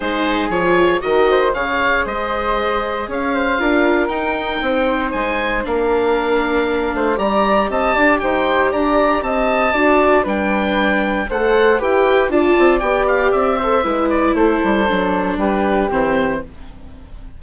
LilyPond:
<<
  \new Staff \with { instrumentName = "oboe" } { \time 4/4 \tempo 4 = 117 c''4 cis''4 dis''4 f''4 | dis''2 f''2 | g''2 gis''4 f''4~ | f''2 ais''4 a''4 |
g''4 ais''4 a''2 | g''2 fis''4 g''4 | a''4 g''8 f''8 e''4. d''8 | c''2 b'4 c''4 | }
  \new Staff \with { instrumentName = "flute" } { \time 4/4 gis'2 ais'8 c''8 cis''4 | c''2 cis''8 c''8 ais'4~ | ais'4 c''2 ais'4~ | ais'4. c''8 d''4 dis''8 d''8 |
c''4 d''4 dis''4 d''4 | b'2 c''4 b'4 | d''2~ d''8 c''8 b'4 | a'2 g'2 | }
  \new Staff \with { instrumentName = "viola" } { \time 4/4 dis'4 f'4 fis'4 gis'4~ | gis'2. f'4 | dis'2. d'4~ | d'2 g'2~ |
g'2. fis'4 | d'2 a'4 g'4 | f'4 g'4. a'8 e'4~ | e'4 d'2 c'4 | }
  \new Staff \with { instrumentName = "bassoon" } { \time 4/4 gis4 f4 dis4 cis4 | gis2 cis'4 d'4 | dis'4 c'4 gis4 ais4~ | ais4. a8 g4 c'8 d'8 |
dis'4 d'4 c'4 d'4 | g2 a4 e'4 | d'8 c'8 b4 c'4 gis4 | a8 g8 fis4 g4 e4 | }
>>